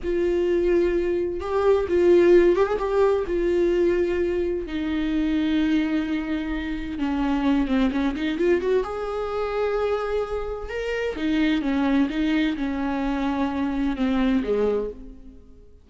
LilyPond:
\new Staff \with { instrumentName = "viola" } { \time 4/4 \tempo 4 = 129 f'2. g'4 | f'4. g'16 gis'16 g'4 f'4~ | f'2 dis'2~ | dis'2. cis'4~ |
cis'8 c'8 cis'8 dis'8 f'8 fis'8 gis'4~ | gis'2. ais'4 | dis'4 cis'4 dis'4 cis'4~ | cis'2 c'4 gis4 | }